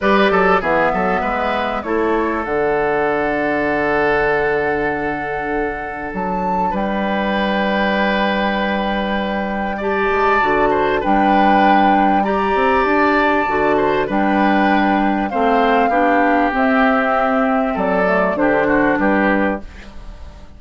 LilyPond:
<<
  \new Staff \with { instrumentName = "flute" } { \time 4/4 \tempo 4 = 98 d''4 e''2 cis''4 | fis''1~ | fis''2 a''4 g''4~ | g''1 |
a''2 g''2 | ais''4 a''2 g''4~ | g''4 f''2 e''4~ | e''4 d''4 c''4 b'4 | }
  \new Staff \with { instrumentName = "oboe" } { \time 4/4 b'8 a'8 gis'8 a'8 b'4 a'4~ | a'1~ | a'2. b'4~ | b'1 |
d''4. c''8 b'2 | d''2~ d''8 c''8 b'4~ | b'4 c''4 g'2~ | g'4 a'4 g'8 fis'8 g'4 | }
  \new Staff \with { instrumentName = "clarinet" } { \time 4/4 g'4 b2 e'4 | d'1~ | d'1~ | d'1 |
g'4 fis'4 d'2 | g'2 fis'4 d'4~ | d'4 c'4 d'4 c'4~ | c'4. a8 d'2 | }
  \new Staff \with { instrumentName = "bassoon" } { \time 4/4 g8 fis8 e8 fis8 gis4 a4 | d1~ | d2 fis4 g4~ | g1~ |
g8 gis8 d4 g2~ | g8 c'8 d'4 d4 g4~ | g4 a4 b4 c'4~ | c'4 fis4 d4 g4 | }
>>